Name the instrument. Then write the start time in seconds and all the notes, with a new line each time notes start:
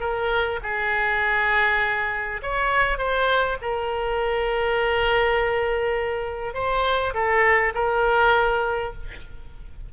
oboe
0.00 A#4
0.63 G#4
2.42 C#5
2.98 C5
3.61 A#4
6.54 C5
7.14 A4
7.74 A#4